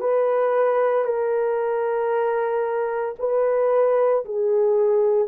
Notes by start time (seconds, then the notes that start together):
0.00 B4
1.04 A#4
3.19 B4
4.25 G#4